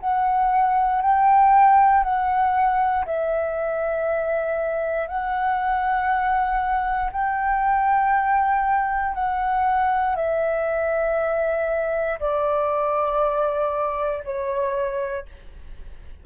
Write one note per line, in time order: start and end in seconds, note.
0.00 1.02 F#5
1.02 2.04 G5
2.04 3.06 F#5
3.06 5.08 E5
5.08 7.11 F#5
7.12 9.15 G5
9.15 10.16 F#5
10.16 12.19 E5
12.20 14.23 D5
14.24 15.26 C#5